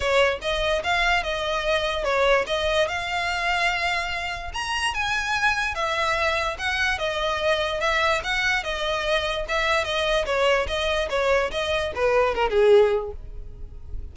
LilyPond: \new Staff \with { instrumentName = "violin" } { \time 4/4 \tempo 4 = 146 cis''4 dis''4 f''4 dis''4~ | dis''4 cis''4 dis''4 f''4~ | f''2. ais''4 | gis''2 e''2 |
fis''4 dis''2 e''4 | fis''4 dis''2 e''4 | dis''4 cis''4 dis''4 cis''4 | dis''4 b'4 ais'8 gis'4. | }